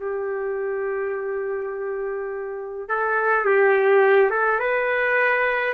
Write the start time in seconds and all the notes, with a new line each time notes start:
0.00 G4
2.88 A4
3.45 G4
4.31 A4
4.59 B4